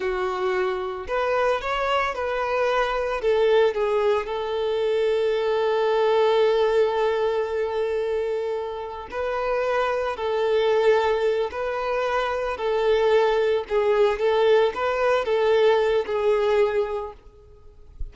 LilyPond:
\new Staff \with { instrumentName = "violin" } { \time 4/4 \tempo 4 = 112 fis'2 b'4 cis''4 | b'2 a'4 gis'4 | a'1~ | a'1~ |
a'4 b'2 a'4~ | a'4. b'2 a'8~ | a'4. gis'4 a'4 b'8~ | b'8 a'4. gis'2 | }